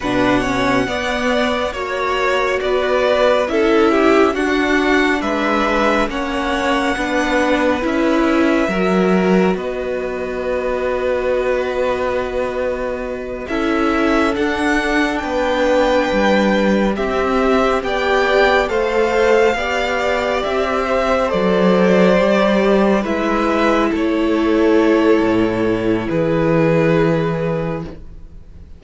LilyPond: <<
  \new Staff \with { instrumentName = "violin" } { \time 4/4 \tempo 4 = 69 fis''2 cis''4 d''4 | e''4 fis''4 e''4 fis''4~ | fis''4 e''2 dis''4~ | dis''2.~ dis''8 e''8~ |
e''8 fis''4 g''2 e''8~ | e''8 g''4 f''2 e''8~ | e''8 d''2 e''4 cis''8~ | cis''2 b'2 | }
  \new Staff \with { instrumentName = "violin" } { \time 4/4 b'8 cis''8 d''4 cis''4 b'4 | a'8 g'8 fis'4 b'4 cis''4 | b'2 ais'4 b'4~ | b'2.~ b'8 a'8~ |
a'4. b'2 g'8~ | g'8 d''4 c''4 d''4. | c''2~ c''8 b'4 a'8~ | a'2 gis'2 | }
  \new Staff \with { instrumentName = "viola" } { \time 4/4 d'8 cis'8 b4 fis'2 | e'4 d'2 cis'4 | d'4 e'4 fis'2~ | fis'2.~ fis'8 e'8~ |
e'8 d'2. c'8~ | c'8 g'4 a'4 g'4.~ | g'8 a'4 g'4 e'4.~ | e'1 | }
  \new Staff \with { instrumentName = "cello" } { \time 4/4 b,4 b4 ais4 b4 | cis'4 d'4 gis4 ais4 | b4 cis'4 fis4 b4~ | b2.~ b8 cis'8~ |
cis'8 d'4 b4 g4 c'8~ | c'8 b4 a4 b4 c'8~ | c'8 fis4 g4 gis4 a8~ | a4 a,4 e2 | }
>>